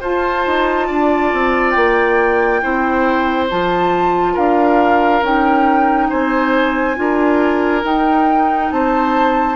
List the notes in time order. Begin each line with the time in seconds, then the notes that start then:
0.00 F4 C5 A5
0.46 D#4
0.87 D4 D5
1.33 C4
1.71 A#3 G5
2.62 C4 E4 C5
3.49 F3 F4 A5
4.33 D4 A#4 F5
5.21 C#4 D#4 G5
6.09 C4 C5 G#5
6.95 D4 F4 A#4
7.83 D#4 G5
8.71 C4 C5 A5